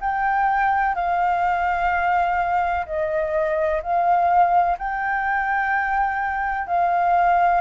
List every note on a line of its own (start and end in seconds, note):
0.00 0.95 G5
0.95 2.85 F5
2.86 3.81 D#5
3.82 4.77 F5
4.77 6.67 G5
6.67 7.61 F5